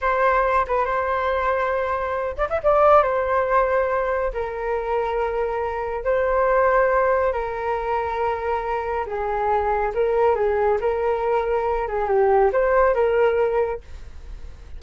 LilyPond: \new Staff \with { instrumentName = "flute" } { \time 4/4 \tempo 4 = 139 c''4. b'8 c''2~ | c''4. d''16 e''16 d''4 c''4~ | c''2 ais'2~ | ais'2 c''2~ |
c''4 ais'2.~ | ais'4 gis'2 ais'4 | gis'4 ais'2~ ais'8 gis'8 | g'4 c''4 ais'2 | }